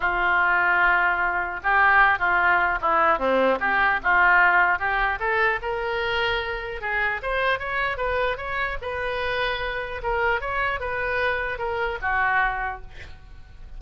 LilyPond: \new Staff \with { instrumentName = "oboe" } { \time 4/4 \tempo 4 = 150 f'1 | g'4. f'4. e'4 | c'4 g'4 f'2 | g'4 a'4 ais'2~ |
ais'4 gis'4 c''4 cis''4 | b'4 cis''4 b'2~ | b'4 ais'4 cis''4 b'4~ | b'4 ais'4 fis'2 | }